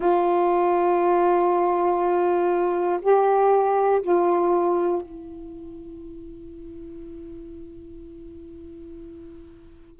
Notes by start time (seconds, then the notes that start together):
0.00 F4
3.01 G4
4.01 F4
5.02 E4